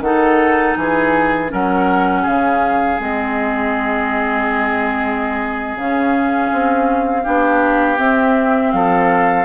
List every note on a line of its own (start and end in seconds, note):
0.00 0.74 D#3
0.00 1.49 D#4
0.00 0.78 A4
0.00 0.75 F#5
0.76 1.51 E3
0.76 1.52 G#4
0.76 1.50 G#5
1.49 2.26 F#3
1.49 2.97 C#4
1.49 2.22 A#4
1.49 2.27 F#5
2.22 2.99 C#3
2.22 7.22 G#4
2.22 3.01 F5
2.99 5.76 G#3
2.99 5.78 C4
2.99 5.77 D#5
5.76 6.50 C#3
5.76 7.23 C#4
5.76 7.99 F5
6.52 7.26 C4
7.23 7.99 B3
7.23 7.97 D4
7.23 8.72 G4
7.97 9.45 C4
7.97 8.73 C4
7.97 8.71 E5
8.71 9.45 F3
8.71 9.45 A4
8.71 9.45 F5